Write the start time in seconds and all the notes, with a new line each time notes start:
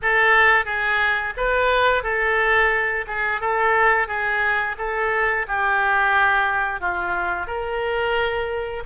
0.02 A4
0.65 G#4
1.36 B4
2.03 A4
3.07 G#4
3.40 A4
4.07 G#4
4.78 A4
5.47 G4
6.80 F4
7.47 A#4